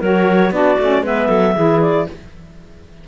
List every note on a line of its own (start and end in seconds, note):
0.00 0.51 F#3
0.00 0.53 F#4
0.00 0.51 A#4
0.00 0.53 C#5
0.51 0.77 B3
0.51 0.79 D4
0.51 1.03 F#4
0.51 1.05 D5
0.79 1.03 A3
0.79 1.05 C#4
1.03 1.29 G#3
1.03 1.56 B3
1.03 1.28 B4
1.03 1.81 E5
1.29 1.55 F#3
1.29 1.54 A4
1.55 2.07 E3
1.55 2.08 E4
1.55 2.06 G#4
1.81 2.07 D5